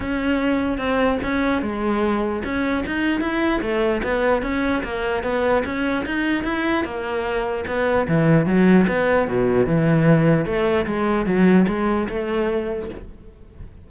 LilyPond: \new Staff \with { instrumentName = "cello" } { \time 4/4 \tempo 4 = 149 cis'2 c'4 cis'4 | gis2 cis'4 dis'4 | e'4 a4 b4 cis'4 | ais4 b4 cis'4 dis'4 |
e'4 ais2 b4 | e4 fis4 b4 b,4 | e2 a4 gis4 | fis4 gis4 a2 | }